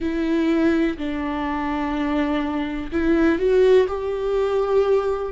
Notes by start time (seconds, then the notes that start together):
0.00 E4
0.97 D4
2.92 E4
3.38 F#4
3.87 G4